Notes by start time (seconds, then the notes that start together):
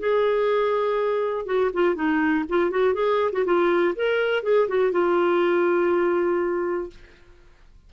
0.00 G#4
1.46 F#4
1.74 F4
1.95 D#4
2.49 F4
2.71 F#4
2.94 G#4
3.33 F#4
3.46 F4
3.96 A#4
4.44 G#4
4.69 F#4
4.92 F4